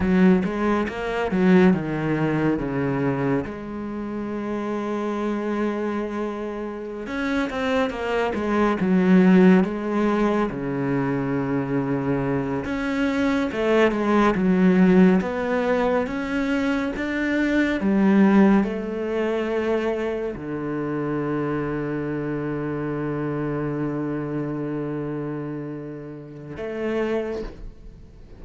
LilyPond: \new Staff \with { instrumentName = "cello" } { \time 4/4 \tempo 4 = 70 fis8 gis8 ais8 fis8 dis4 cis4 | gis1~ | gis16 cis'8 c'8 ais8 gis8 fis4 gis8.~ | gis16 cis2~ cis8 cis'4 a16~ |
a16 gis8 fis4 b4 cis'4 d'16~ | d'8. g4 a2 d16~ | d1~ | d2. a4 | }